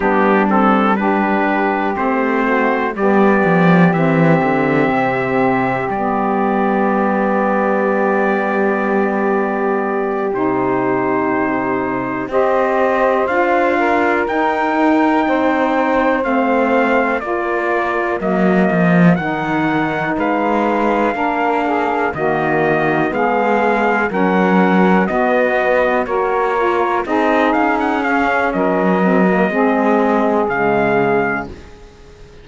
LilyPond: <<
  \new Staff \with { instrumentName = "trumpet" } { \time 4/4 \tempo 4 = 61 g'8 a'8 b'4 c''4 d''4 | e''2 d''2~ | d''2~ d''8 c''4.~ | c''8 dis''4 f''4 g''4.~ |
g''8 f''4 d''4 dis''4 fis''8~ | fis''8 f''2 dis''4 f''8~ | f''8 fis''4 dis''4 cis''4 dis''8 | f''16 fis''16 f''8 dis''2 f''4 | }
  \new Staff \with { instrumentName = "saxophone" } { \time 4/4 d'4 g'4. fis'8 g'4~ | g'1~ | g'1~ | g'8 c''4. ais'4. c''8~ |
c''4. ais'2~ ais'8~ | ais'8 b'4 ais'8 gis'8 fis'4 gis'8~ | gis'8 ais'4 fis'4 ais'4 gis'8~ | gis'4 ais'4 gis'2 | }
  \new Staff \with { instrumentName = "saxophone" } { \time 4/4 b8 c'8 d'4 c'4 b4 | c'2 b2~ | b2~ b8 dis'4.~ | dis'8 g'4 f'4 dis'4.~ |
dis'8 c'4 f'4 ais4 dis'8~ | dis'4. d'4 ais4 b8~ | b8 cis'4 b4 fis'8 f'8 dis'8~ | dis'8 cis'4 c'16 ais16 c'4 gis4 | }
  \new Staff \with { instrumentName = "cello" } { \time 4/4 g2 a4 g8 f8 | e8 d8 c4 g2~ | g2~ g8 c4.~ | c8 c'4 d'4 dis'4 c'8~ |
c'8 a4 ais4 fis8 f8 dis8~ | dis8 gis4 ais4 dis4 gis8~ | gis8 fis4 b4 ais4 c'8 | cis'4 fis4 gis4 cis4 | }
>>